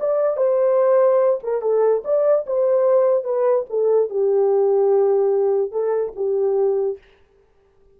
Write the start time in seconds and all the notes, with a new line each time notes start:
0.00 D5
0.37 C5
1.43 A#4
1.62 A4
2.04 D5
2.47 C5
3.24 B4
3.70 A4
4.10 G4
5.71 A4
6.16 G4